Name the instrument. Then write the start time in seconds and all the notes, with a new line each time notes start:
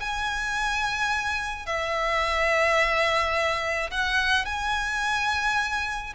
violin
0.00 G#5
1.66 E5
3.91 F#5
4.45 G#5